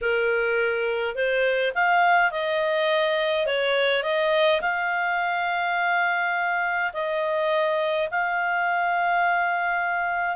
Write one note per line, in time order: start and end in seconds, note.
0.01 1.15 A#4
1.15 1.73 C5
1.74 2.31 F5
2.31 3.46 D#5
3.46 4.03 C#5
4.03 4.60 D#5
4.61 6.92 F5
6.93 8.08 D#5
8.11 10.36 F5